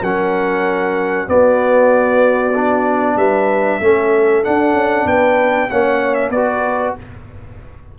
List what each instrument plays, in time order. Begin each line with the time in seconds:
0.00 tuba F#3, trombone C#4, horn A#4, trumpet F#5
1.27 trombone B3, tuba B3, horn F#4, trumpet D5
2.55 trombone D4
3.16 tuba G3, horn B4, trumpet E5
3.80 tuba A3, trombone C#4, horn A4
4.43 trombone D4, tuba D4, trumpet F#5
4.73 tuba C#4
5.05 tuba B3, horn B4, trumpet G5
5.69 tuba A#3, trombone C#4, horn C#5, trumpet F#5
6.14 trumpet E5
6.29 tuba B3, horn B4, trumpet D5
6.35 trombone F#4